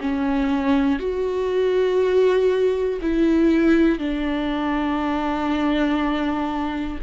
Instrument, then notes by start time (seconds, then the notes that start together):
viola
0.00 C#4
0.99 F#4
3.01 E4
3.99 D4